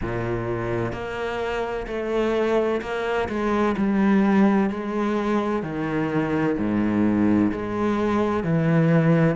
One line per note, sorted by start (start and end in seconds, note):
0.01 0.92 A#2
0.92 1.86 A#3
1.87 2.81 A3
2.81 3.28 A#3
3.28 3.75 G#3
3.77 4.70 G3
4.70 5.62 G#3
5.62 6.56 D#3
6.58 7.51 G#2
7.52 8.43 G#3
8.43 9.36 E3